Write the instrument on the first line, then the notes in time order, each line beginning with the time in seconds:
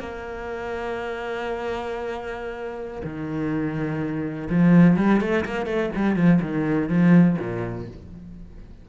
cello
0.00 A#3
3.04 D#3
4.50 F3
4.97 G3
5.21 A3
5.46 A#3
5.66 A3
5.96 G3
6.16 F3
6.42 D#3
6.89 F3
7.39 A#2